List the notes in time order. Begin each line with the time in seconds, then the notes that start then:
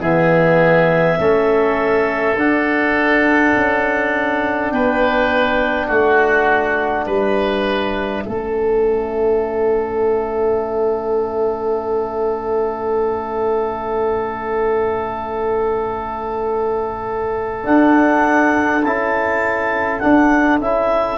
0.00 E3 B3 G#4 E5
1.19 A3 C#4 A4
2.37 D4 F#5
3.56 C#4
4.71 B3 B4 G5
5.87 A3 F#4 F#5
7.06 G3 B4 E5
8.26 A3 C#4 A4
17.63 D4 F#5
18.84 C#4 E4 A5
20.00 D4 F#5
20.60 C#4 E4 E5